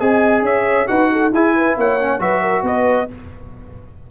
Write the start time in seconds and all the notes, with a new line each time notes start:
0.00 C4 G#4 D#5 G#5
0.42 C#4 C#5 E5
0.87 D#4 F#4 B4 F#5
1.13 A4
1.33 E4 G#4 G#5
1.56 B4
1.77 A#3 C#5 F#5
2.00 C#4
2.20 F#3 F#4 B4 E5
2.42 A#4
2.63 B3 B4 D#5